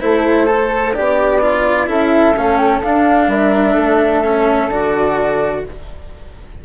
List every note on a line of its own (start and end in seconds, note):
0.00 0.96 A3
0.00 0.46 E4
0.00 0.94 A4
0.00 0.94 C5
0.46 0.93 A4
0.94 1.87 B3
0.94 1.87 D4
0.94 1.40 G4
0.94 1.88 D5
1.41 1.86 F4
1.86 2.34 C#4
1.86 2.33 E4
1.86 3.29 A4
1.86 2.38 E5
2.36 2.82 A3
2.36 2.83 C#4
2.36 2.57 F5
2.57 2.80 G5
2.82 3.27 D4
2.82 4.23 D4
2.82 3.30 F5
3.27 3.74 G3
3.27 3.73 A#4
3.27 4.70 E5
3.73 4.68 A3
3.73 5.61 A4
4.23 4.70 C#4
4.68 5.62 D3
4.68 5.64 F#4
4.68 5.64 D5